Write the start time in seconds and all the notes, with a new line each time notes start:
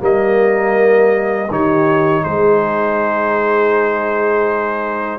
0.00 G3 A#3 A#4 D#5
1.50 D#3 D#4 G4 C#5
2.23 G#3 G#4 C5